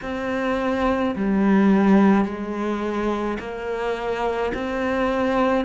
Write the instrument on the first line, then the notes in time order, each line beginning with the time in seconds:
cello
0.02 C4
1.15 G3
2.24 G#3
3.39 A#3
4.54 C4